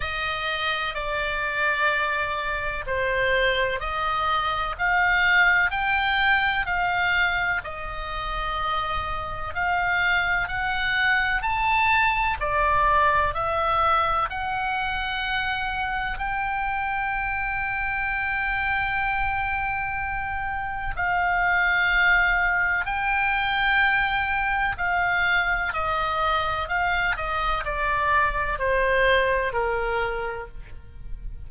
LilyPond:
\new Staff \with { instrumentName = "oboe" } { \time 4/4 \tempo 4 = 63 dis''4 d''2 c''4 | dis''4 f''4 g''4 f''4 | dis''2 f''4 fis''4 | a''4 d''4 e''4 fis''4~ |
fis''4 g''2.~ | g''2 f''2 | g''2 f''4 dis''4 | f''8 dis''8 d''4 c''4 ais'4 | }